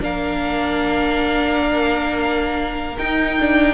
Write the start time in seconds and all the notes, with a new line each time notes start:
0.00 A#3 D4 A#4 F5
2.98 D#4 G5
3.40 D4